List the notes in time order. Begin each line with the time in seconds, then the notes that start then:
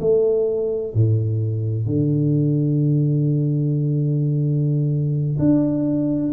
0.00 A3
0.94 A2
1.86 D3
5.39 D4